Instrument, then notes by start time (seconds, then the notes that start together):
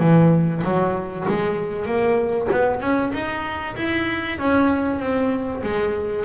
double bass
0.00 E3
0.64 F#3
1.29 G#3
1.86 A#3
2.52 B3
2.81 C#4
3.13 D#4
3.76 E4
4.38 C#4
5.00 C4
5.63 G#3